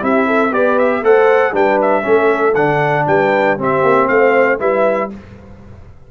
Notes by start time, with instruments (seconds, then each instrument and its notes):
0.00 tuba C4, trombone E4, horn G4, trumpet E5
0.27 horn A4
0.51 tuba B3, trombone G4, horn B4, trumpet D5
0.79 trumpet E5
1.02 tuba A3, trombone A4, horn C5, trumpet F#5
1.53 tuba G3, trombone D4, horn B4, trumpet G5
1.82 trumpet E5
2.02 tuba A3, trombone C#4, horn A4
2.55 tuba D3, trombone D4, trumpet F#5
3.07 tuba G3, horn B4, trumpet G5
3.58 tuba C4, trombone C4, horn G4, trumpet E5
3.83 tuba A#3
4.08 tuba A3, horn C5, trumpet F5
4.59 tuba G3, trombone E4, horn B4, trumpet E5